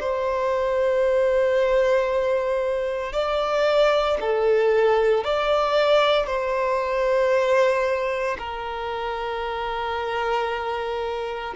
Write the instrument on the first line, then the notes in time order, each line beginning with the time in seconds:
violin
0.00 C5
3.12 D5
4.20 A4
5.24 D5
6.26 C5
8.38 A#4